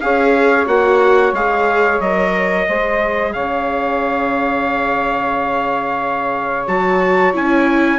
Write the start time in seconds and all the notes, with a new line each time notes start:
0.00 C#4 G#4 C#5 F5
0.66 A#3 F#4 F#5
1.32 G#3 G#4 F5
2.00 F#3 A#4 D#5
2.67 G#3 G#4 C5
3.33 C#3 C#5 F5
6.67 F#3 F#4 A5
7.33 C#4 E4 G#5